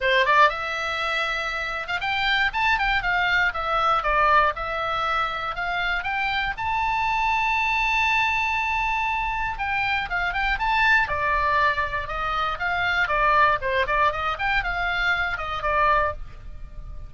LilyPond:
\new Staff \with { instrumentName = "oboe" } { \time 4/4 \tempo 4 = 119 c''8 d''8 e''2~ e''8. f''16 | g''4 a''8 g''8 f''4 e''4 | d''4 e''2 f''4 | g''4 a''2.~ |
a''2. g''4 | f''8 g''8 a''4 d''2 | dis''4 f''4 d''4 c''8 d''8 | dis''8 g''8 f''4. dis''8 d''4 | }